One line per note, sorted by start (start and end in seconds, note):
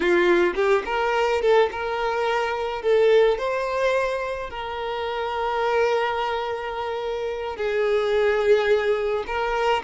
0.00 0.53 F4
0.55 0.83 G4
0.85 1.41 A#4
1.41 1.69 A4
1.71 2.82 A#4
2.82 3.37 A4
3.37 4.50 C5
4.50 7.56 A#4
7.56 9.24 G#4
9.26 9.82 A#4